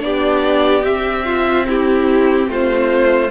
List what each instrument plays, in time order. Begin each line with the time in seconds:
0.00 cello B3, viola D4, violin G4 D5
0.84 viola C4, cello C4, violin E5
1.26 violin F4
1.67 violin E4 G4
2.48 cello A3, violin F4 C5